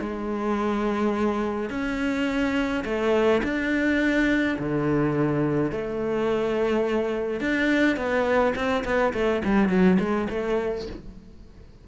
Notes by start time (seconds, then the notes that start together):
0.00 G#3
1.69 C#4
2.84 A3
3.43 D4
4.58 D3
5.71 A3
7.40 D4
7.96 B3
8.55 C4
8.84 B3
9.13 A3
9.44 G3
9.69 F#3
9.99 G#3
10.29 A3